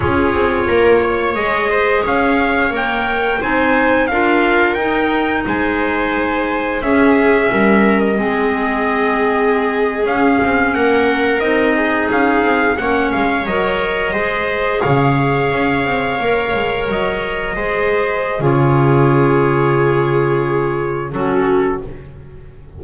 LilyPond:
<<
  \new Staff \with { instrumentName = "trumpet" } { \time 4/4 \tempo 4 = 88 cis''2 dis''4 f''4 | g''4 gis''4 f''4 g''4 | gis''2 e''4.~ e''16 dis''16~ | dis''2~ dis''8. f''4 fis''16~ |
fis''8. dis''4 f''4 fis''8 f''8 dis''16~ | dis''4.~ dis''16 f''2~ f''16~ | f''8. dis''2~ dis''16 cis''4~ | cis''2. a'4 | }
  \new Staff \with { instrumentName = "viola" } { \time 4/4 gis'4 ais'8 cis''4 c''8 cis''4~ | cis''4 c''4 ais'2 | c''2 gis'4 ais'4 | gis'2.~ gis'8. ais'16~ |
ais'4~ ais'16 gis'4. cis''4~ cis''16~ | cis''8. c''4 cis''2~ cis''16~ | cis''4.~ cis''16 c''4~ c''16 gis'4~ | gis'2. fis'4 | }
  \new Staff \with { instrumentName = "clarinet" } { \time 4/4 f'2 gis'2 | ais'4 dis'4 f'4 dis'4~ | dis'2 cis'2 | c'2~ c'8. cis'4~ cis'16~ |
cis'8. dis'2 cis'4 ais'16~ | ais'8. gis'2. ais'16~ | ais'4.~ ais'16 gis'4~ gis'16 f'4~ | f'2. cis'4 | }
  \new Staff \with { instrumentName = "double bass" } { \time 4/4 cis'8 c'8 ais4 gis4 cis'4 | ais4 c'4 d'4 dis'4 | gis2 cis'4 g4 | gis2~ gis8. cis'8 c'8 ais16~ |
ais8. c'4 cis'8 c'8 ais8 gis8 fis16~ | fis8. gis4 cis4 cis'8 c'8 ais16~ | ais16 gis8 fis4 gis4~ gis16 cis4~ | cis2. fis4 | }
>>